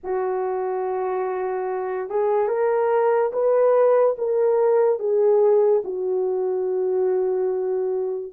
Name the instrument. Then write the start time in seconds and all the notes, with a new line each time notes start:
horn
0.03 F#4
2.09 G#4
2.48 A#4
3.33 B4
4.17 A#4
4.98 G#4
5.84 F#4